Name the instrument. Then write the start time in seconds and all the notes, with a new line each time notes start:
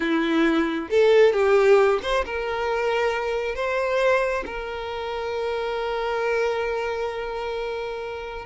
violin
0.00 E4
0.90 A4
1.33 G4
2.02 C5
2.25 A#4
3.55 C5
4.46 A#4